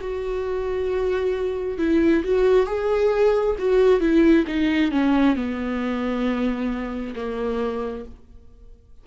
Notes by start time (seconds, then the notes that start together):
0.00 F#4
1.78 E4
2.24 F#4
2.66 G#4
3.58 F#4
4.00 E4
4.47 D#4
4.91 C#4
5.35 B3
7.15 A#3